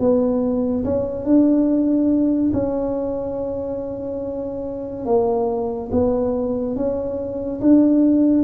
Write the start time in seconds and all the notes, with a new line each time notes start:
0.00 B3
0.85 C#4
1.25 D4
2.54 C#4
5.06 A#3
5.92 B3
6.76 C#4
7.61 D4